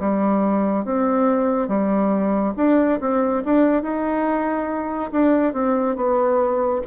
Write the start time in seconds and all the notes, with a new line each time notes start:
0.00 G3
0.85 C4
1.68 G3
2.57 D4
3.01 C4
3.45 D4
3.83 D#4
5.12 D4
5.54 C4
5.96 B3